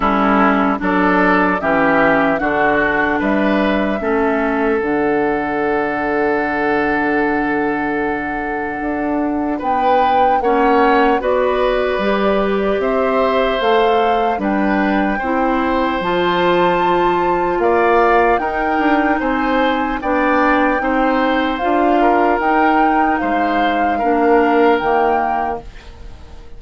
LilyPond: <<
  \new Staff \with { instrumentName = "flute" } { \time 4/4 \tempo 4 = 75 a'4 d''4 e''4 fis''4 | e''2 fis''2~ | fis''1 | g''4 fis''4 d''2 |
e''4 f''4 g''2 | a''2 f''4 g''4 | gis''4 g''2 f''4 | g''4 f''2 g''4 | }
  \new Staff \with { instrumentName = "oboe" } { \time 4/4 e'4 a'4 g'4 fis'4 | b'4 a'2.~ | a'1 | b'4 cis''4 b'2 |
c''2 b'4 c''4~ | c''2 d''4 ais'4 | c''4 d''4 c''4. ais'8~ | ais'4 c''4 ais'2 | }
  \new Staff \with { instrumentName = "clarinet" } { \time 4/4 cis'4 d'4 cis'4 d'4~ | d'4 cis'4 d'2~ | d'1~ | d'4 cis'4 fis'4 g'4~ |
g'4 a'4 d'4 e'4 | f'2. dis'4~ | dis'4 d'4 dis'4 f'4 | dis'2 d'4 ais4 | }
  \new Staff \with { instrumentName = "bassoon" } { \time 4/4 g4 fis4 e4 d4 | g4 a4 d2~ | d2. d'4 | b4 ais4 b4 g4 |
c'4 a4 g4 c'4 | f2 ais4 dis'8 d'8 | c'4 b4 c'4 d'4 | dis'4 gis4 ais4 dis4 | }
>>